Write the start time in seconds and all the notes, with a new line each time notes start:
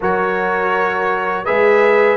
0.00 F#3 F#4 A#4 C#5
1.44 G#3 G#4 B4 E5